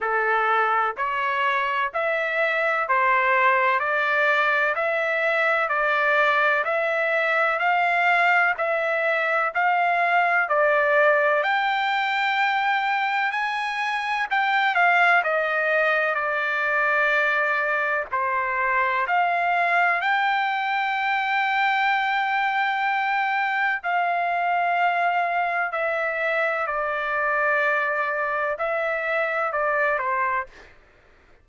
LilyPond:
\new Staff \with { instrumentName = "trumpet" } { \time 4/4 \tempo 4 = 63 a'4 cis''4 e''4 c''4 | d''4 e''4 d''4 e''4 | f''4 e''4 f''4 d''4 | g''2 gis''4 g''8 f''8 |
dis''4 d''2 c''4 | f''4 g''2.~ | g''4 f''2 e''4 | d''2 e''4 d''8 c''8 | }